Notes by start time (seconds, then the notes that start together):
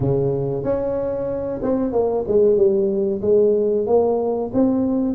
0.00 C#3
0.63 C#4
1.62 C4
1.92 A#3
2.27 G#3
2.56 G3
3.21 G#3
3.86 A#3
4.53 C4